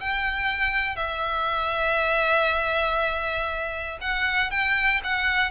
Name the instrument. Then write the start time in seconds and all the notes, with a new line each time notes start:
violin
0.00 G5
0.95 E5
4.01 F#5
4.50 G5
5.04 F#5